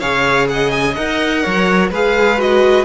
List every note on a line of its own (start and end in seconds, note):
0.00 0.97 C#3
0.00 0.96 G#4
0.00 0.48 C#5
0.00 0.48 F5
0.49 1.43 D#5
0.49 0.71 F#5
0.71 0.95 G#5
0.95 1.45 D#4
0.95 1.92 A#4
0.95 1.90 F#5
1.43 1.91 F#3
1.43 1.91 C#5
1.91 2.85 G#3
1.91 2.38 G#4
1.91 2.85 B4
1.91 2.40 F5
2.38 2.85 F#4
2.38 2.85 D#5